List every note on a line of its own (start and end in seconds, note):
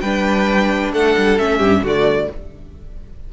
0.00 0.92 G3
0.00 1.38 D4
0.00 0.92 B4
0.00 0.91 G5
0.92 1.15 A3
0.92 1.58 A4
0.92 1.38 F#5
1.16 1.39 G3
1.38 1.59 A3
1.38 1.83 C#4
1.38 1.83 E5
1.58 1.81 G2
1.58 1.80 G4
1.81 2.27 D3
1.81 2.31 A3
1.81 2.28 F#4
1.81 2.32 D5